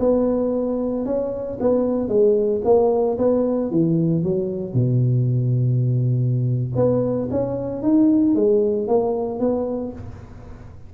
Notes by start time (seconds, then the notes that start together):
0.00 B3
1.06 C#4
1.61 B3
2.09 G#3
2.65 A#3
3.19 B3
3.71 E3
4.24 F#3
4.74 B2
6.76 B3
7.31 C#4
7.83 D#4
8.36 G#3
8.88 A#3
9.40 B3